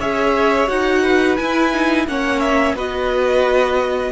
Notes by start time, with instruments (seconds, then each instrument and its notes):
0.00 cello C#4, viola G#4, violin C#5 E5
0.68 cello D#4, viola F#4, violin F#5
1.03 violin B4
1.37 viola E4, cello E4, violin G#5
1.73 viola D#4
2.08 cello A#3, viola C#4, violin C#5 F#5
2.40 violin E5
2.75 cello B3, viola F#4, violin B4 D#5